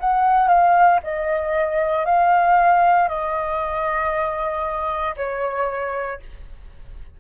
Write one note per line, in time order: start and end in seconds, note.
0.00 0.48 F#5
0.48 1.00 F5
1.03 2.05 D#5
2.05 3.08 F5
3.08 5.15 D#5
5.16 6.20 C#5